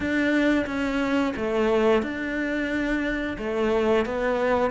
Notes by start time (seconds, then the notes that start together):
0.00 D4
0.66 C#4
1.36 A3
2.02 D4
3.38 A3
4.05 B3